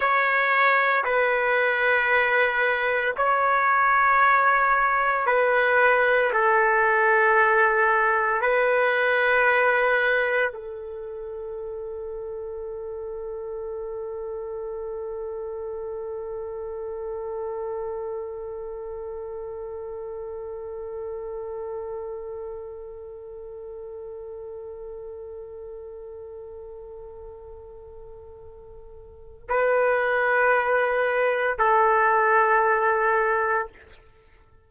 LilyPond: \new Staff \with { instrumentName = "trumpet" } { \time 4/4 \tempo 4 = 57 cis''4 b'2 cis''4~ | cis''4 b'4 a'2 | b'2 a'2~ | a'1~ |
a'1~ | a'1~ | a'1 | b'2 a'2 | }